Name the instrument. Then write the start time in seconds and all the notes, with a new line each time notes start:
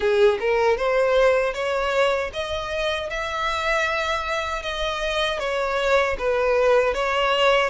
violin
0.00 G#4
0.40 A#4
0.77 C5
1.53 C#5
2.33 D#5
3.10 E5
4.62 D#5
5.39 C#5
6.18 B4
6.94 C#5